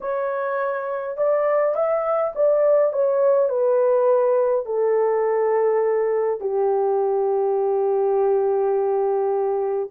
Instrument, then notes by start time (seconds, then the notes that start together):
horn
0.01 C#5
1.17 D5
1.75 E5
2.35 D5
2.92 C#5
3.49 B4
4.65 A4
6.40 G4